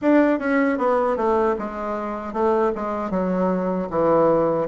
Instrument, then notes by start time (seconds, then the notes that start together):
bassoon
0.01 D4
0.39 C#4
0.78 B3
1.16 A3
1.58 G#3
2.33 A3
2.75 G#3
3.10 F#3
3.90 E3